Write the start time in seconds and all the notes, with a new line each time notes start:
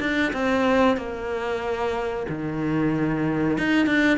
0.00 D4
0.33 C4
0.97 A#3
2.29 D#3
3.58 D#4
3.86 D4